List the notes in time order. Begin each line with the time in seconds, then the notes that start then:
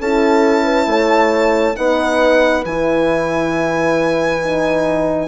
0.00 C#4 E4 A4 A5
0.64 B4
0.87 A3 C#5
1.76 B3 D#4 B4 F#5
2.65 E3 E4 G#5
4.43 D#4